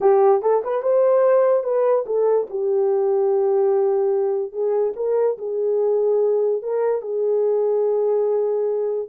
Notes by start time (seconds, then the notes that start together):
0.00 G4
0.42 A4
0.64 B4
0.82 C5
1.63 B4
2.06 A4
2.49 G4
4.52 G#4
4.96 A#4
5.38 G#4
6.62 A#4
7.01 G#4